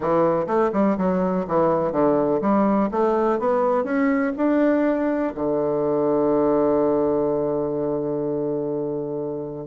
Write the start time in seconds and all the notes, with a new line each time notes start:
0.00 E3
0.46 A3
0.73 G3
0.97 F#3
1.47 E3
1.91 D3
2.41 G3
2.91 A3
3.39 B3
3.84 C#4
4.37 D4
5.34 D3